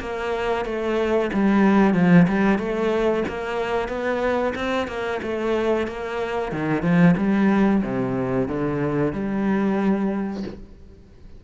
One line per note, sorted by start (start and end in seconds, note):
0.00 0.65 A#3
0.65 1.30 A3
1.33 1.94 G3
1.94 2.27 F3
2.28 2.58 G3
2.58 3.24 A3
3.28 3.89 A#3
3.89 4.54 B3
4.55 4.88 C4
4.88 5.21 A#3
5.23 5.87 A3
5.87 6.52 A#3
6.52 6.82 D#3
6.82 7.15 F3
7.17 7.83 G3
7.83 8.48 C3
8.48 9.13 D3
9.13 10.43 G3